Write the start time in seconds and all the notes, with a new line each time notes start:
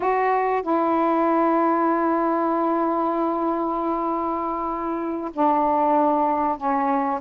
0.00 F#4
0.62 E4
5.33 D4
6.57 C#4